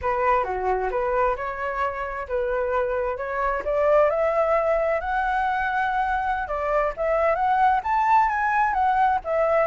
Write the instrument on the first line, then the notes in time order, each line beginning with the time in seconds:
flute
0.01 B4
0.44 F#4
0.90 B4
1.36 C#5
2.28 B4
3.17 C#5
3.64 D5
4.10 E5
5.00 F#5
6.47 D5
6.96 E5
7.35 F#5
7.83 A5
8.29 G#5
8.73 F#5
9.24 E5